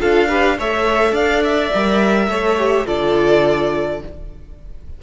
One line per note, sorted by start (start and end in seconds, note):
0.00 0.58 D4
0.00 0.29 F4
0.00 0.28 A4
0.00 0.58 F5
0.28 0.57 G4
0.28 0.57 B4
0.58 1.12 A3
0.58 1.73 A4
0.58 1.12 C#5
0.58 1.14 E5
1.12 1.69 D4
1.12 2.26 D5
1.12 1.42 F5
1.44 2.87 E5
1.74 2.27 G3
1.74 2.31 A#4
2.27 2.85 A3
2.27 2.58 A4
2.27 2.86 C#5
2.58 2.86 G4
2.86 4.02 D3
2.86 4.01 F4
2.86 4.00 A4
2.86 4.02 D5